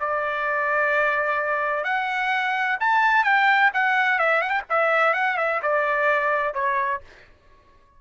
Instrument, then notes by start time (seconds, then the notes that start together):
trumpet
0.00 D5
1.84 F#5
2.80 A5
3.24 G5
3.74 F#5
4.19 E5
4.42 F#5
4.50 G5
4.70 E5
5.14 F#5
5.38 E5
5.62 D5
6.54 C#5